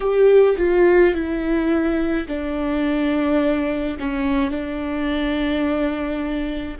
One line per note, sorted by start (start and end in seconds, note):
0.00 0.56 G4
0.57 1.13 F4
1.14 2.27 E4
2.27 3.97 D4
3.99 4.50 C#4
4.50 6.77 D4